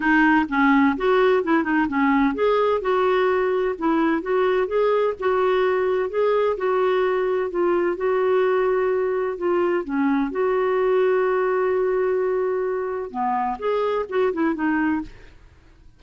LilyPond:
\new Staff \with { instrumentName = "clarinet" } { \time 4/4 \tempo 4 = 128 dis'4 cis'4 fis'4 e'8 dis'8 | cis'4 gis'4 fis'2 | e'4 fis'4 gis'4 fis'4~ | fis'4 gis'4 fis'2 |
f'4 fis'2. | f'4 cis'4 fis'2~ | fis'1 | b4 gis'4 fis'8 e'8 dis'4 | }